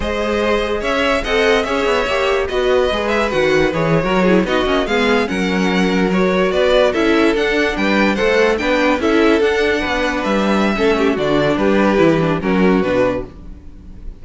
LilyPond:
<<
  \new Staff \with { instrumentName = "violin" } { \time 4/4 \tempo 4 = 145 dis''2 e''4 fis''4 | e''2 dis''4. e''8 | fis''4 cis''4.~ cis''16 dis''4 f''16~ | f''8. fis''2 cis''4 d''16~ |
d''8. e''4 fis''4 g''4 fis''16~ | fis''8. g''4 e''4 fis''4~ fis''16~ | fis''8. e''2~ e''16 d''4 | b'2 ais'4 b'4 | }
  \new Staff \with { instrumentName = "violin" } { \time 4/4 c''2 cis''4 dis''4 | cis''2 b'2~ | b'4.~ b'16 ais'8 gis'8 fis'4 gis'16~ | gis'8. ais'2. b'16~ |
b'8. a'2 b'4 c''16~ | c''8. b'4 a'2 b'16~ | b'2 a'8 g'8 fis'4 | g'2 fis'2 | }
  \new Staff \with { instrumentName = "viola" } { \time 4/4 gis'2. a'4 | gis'4 g'4 fis'4 gis'4 | fis'4 gis'8. fis'8 e'8 dis'8 cis'8 b16~ | b8. cis'2 fis'4~ fis'16~ |
fis'8. e'4 d'2 a'16~ | a'8. d'4 e'4 d'4~ d'16~ | d'2 cis'4 d'4~ | d'4 e'8 d'8 cis'4 d'4 | }
  \new Staff \with { instrumentName = "cello" } { \time 4/4 gis2 cis'4 c'4 | cis'8 b8 ais4 b4 gis4 | dis4 e8. fis4 b8 ais8 gis16~ | gis8. fis2. b16~ |
b8. cis'4 d'4 g4 a16~ | a8. b4 cis'4 d'4 b16~ | b8. g4~ g16 a4 d4 | g4 e4 fis4 b,4 | }
>>